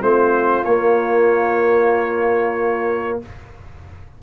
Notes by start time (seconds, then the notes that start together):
0.00 A3 C4 F4 C5
0.64 A#3 C#5